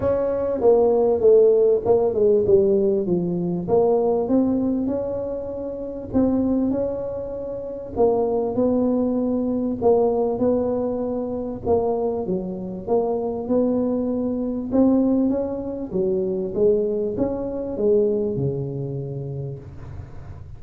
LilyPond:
\new Staff \with { instrumentName = "tuba" } { \time 4/4 \tempo 4 = 98 cis'4 ais4 a4 ais8 gis8 | g4 f4 ais4 c'4 | cis'2 c'4 cis'4~ | cis'4 ais4 b2 |
ais4 b2 ais4 | fis4 ais4 b2 | c'4 cis'4 fis4 gis4 | cis'4 gis4 cis2 | }